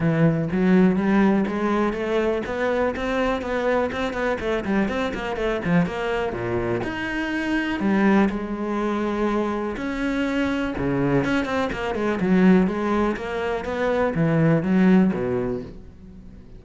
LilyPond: \new Staff \with { instrumentName = "cello" } { \time 4/4 \tempo 4 = 123 e4 fis4 g4 gis4 | a4 b4 c'4 b4 | c'8 b8 a8 g8 c'8 ais8 a8 f8 | ais4 ais,4 dis'2 |
g4 gis2. | cis'2 cis4 cis'8 c'8 | ais8 gis8 fis4 gis4 ais4 | b4 e4 fis4 b,4 | }